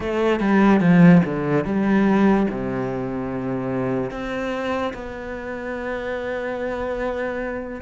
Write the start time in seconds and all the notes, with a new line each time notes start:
0.00 A3
0.40 G3
0.80 F3
1.24 D3
1.64 G3
2.50 C3
4.11 C4
4.93 B3